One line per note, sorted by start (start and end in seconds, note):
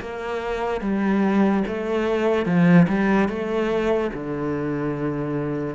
0.00 0.81 A#3
0.81 1.63 G3
1.67 2.45 A3
2.45 2.87 F3
2.88 3.28 G3
3.28 4.11 A3
4.14 5.75 D3